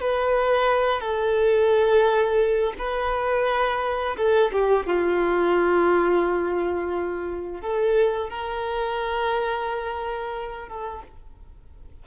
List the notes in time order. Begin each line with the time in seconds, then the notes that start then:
0.00 B4
1.01 A4
2.78 B4
4.16 A4
4.51 G4
4.86 F4
7.61 A4
8.29 A#4
10.68 A4